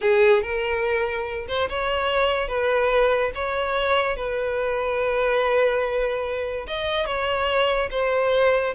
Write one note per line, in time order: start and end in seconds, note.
0.01 0.42 G#4
0.42 1.46 A#4
1.48 1.68 C5
1.69 2.48 C#5
2.48 3.31 B4
3.34 4.16 C#5
4.16 6.66 B4
6.67 7.05 D#5
7.05 7.89 C#5
7.91 8.74 C5